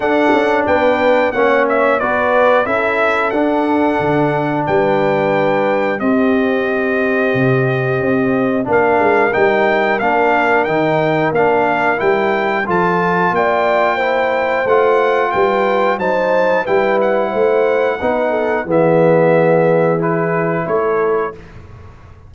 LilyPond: <<
  \new Staff \with { instrumentName = "trumpet" } { \time 4/4 \tempo 4 = 90 fis''4 g''4 fis''8 e''8 d''4 | e''4 fis''2 g''4~ | g''4 dis''2.~ | dis''4 f''4 g''4 f''4 |
g''4 f''4 g''4 a''4 | g''2 fis''4 g''4 | a''4 g''8 fis''2~ fis''8 | e''2 b'4 cis''4 | }
  \new Staff \with { instrumentName = "horn" } { \time 4/4 a'4 b'4 cis''4 b'4 | a'2. b'4~ | b'4 g'2.~ | g'4 ais'2.~ |
ais'2. a'4 | d''4 c''2 b'4 | c''4 b'4 c''4 b'8 a'8 | gis'2. a'4 | }
  \new Staff \with { instrumentName = "trombone" } { \time 4/4 d'2 cis'4 fis'4 | e'4 d'2.~ | d'4 c'2.~ | c'4 d'4 dis'4 d'4 |
dis'4 d'4 e'4 f'4~ | f'4 e'4 f'2 | dis'4 e'2 dis'4 | b2 e'2 | }
  \new Staff \with { instrumentName = "tuba" } { \time 4/4 d'8 cis'8 b4 ais4 b4 | cis'4 d'4 d4 g4~ | g4 c'2 c4 | c'4 ais8 gis8 g4 ais4 |
dis4 ais4 g4 f4 | ais2 a4 g4 | fis4 g4 a4 b4 | e2. a4 | }
>>